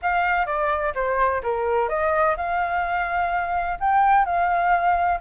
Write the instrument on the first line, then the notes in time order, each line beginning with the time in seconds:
flute
0.02 F5
0.46 D5
0.94 C5
1.42 A#4
1.89 D#5
2.36 F5
3.79 G5
4.25 F5